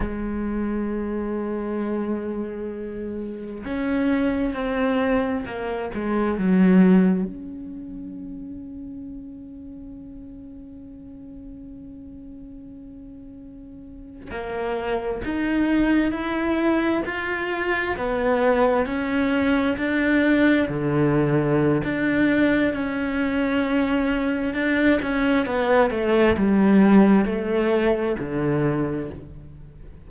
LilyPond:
\new Staff \with { instrumentName = "cello" } { \time 4/4 \tempo 4 = 66 gis1 | cis'4 c'4 ais8 gis8 fis4 | cis'1~ | cis'2.~ cis'8. ais16~ |
ais8. dis'4 e'4 f'4 b16~ | b8. cis'4 d'4 d4~ d16 | d'4 cis'2 d'8 cis'8 | b8 a8 g4 a4 d4 | }